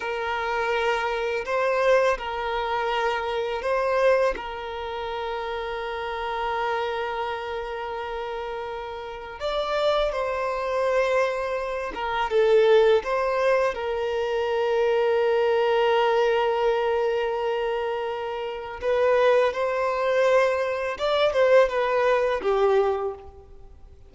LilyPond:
\new Staff \with { instrumentName = "violin" } { \time 4/4 \tempo 4 = 83 ais'2 c''4 ais'4~ | ais'4 c''4 ais'2~ | ais'1~ | ais'4 d''4 c''2~ |
c''8 ais'8 a'4 c''4 ais'4~ | ais'1~ | ais'2 b'4 c''4~ | c''4 d''8 c''8 b'4 g'4 | }